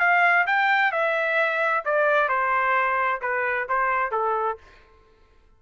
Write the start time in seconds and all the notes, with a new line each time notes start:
0.00 F5
0.47 G5
0.92 E5
1.85 D5
2.29 C5
3.22 B4
3.69 C5
4.12 A4